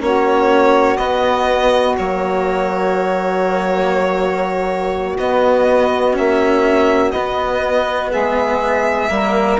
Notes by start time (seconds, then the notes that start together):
0.00 A#3 C#4 F#4 C#5
0.97 B3 D#5
1.98 F#3 A#3 C#5
5.17 B3 D#5
6.13 A#3 C#4 E5
7.11 B3 D#5
8.11 G#3 G#4 E5
9.08 G3 A#3 A#4